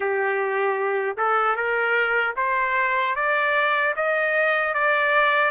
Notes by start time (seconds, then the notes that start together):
0.00 G4
1.17 A4
1.56 A#4
2.36 C5
3.15 D5
3.95 D#5
4.74 D5